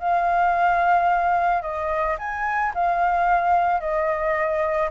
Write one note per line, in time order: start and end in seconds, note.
0.00 1.63 F5
1.63 2.17 D#5
2.19 2.73 G#5
2.75 3.81 F5
3.81 4.90 D#5